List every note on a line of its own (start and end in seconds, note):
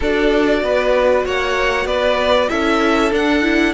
0.00 0.62 D4
0.00 2.49 F#4
0.00 0.61 A4
0.00 1.26 D5
0.62 1.25 B3
0.62 1.25 B4
1.25 1.85 A#3
1.25 1.87 C#5
1.25 1.86 F#5
1.85 2.48 B3
1.85 2.49 B4
1.85 2.49 D5
2.49 3.12 C#4
2.49 3.11 E4
2.49 3.73 A4
2.49 3.11 E5
3.11 3.42 D4
3.11 3.73 D4
3.11 3.73 F#5
3.42 3.73 E4